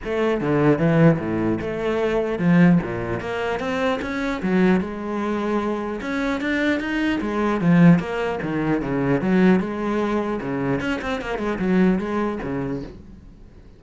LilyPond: \new Staff \with { instrumentName = "cello" } { \time 4/4 \tempo 4 = 150 a4 d4 e4 a,4 | a2 f4 ais,4 | ais4 c'4 cis'4 fis4 | gis2. cis'4 |
d'4 dis'4 gis4 f4 | ais4 dis4 cis4 fis4 | gis2 cis4 cis'8 c'8 | ais8 gis8 fis4 gis4 cis4 | }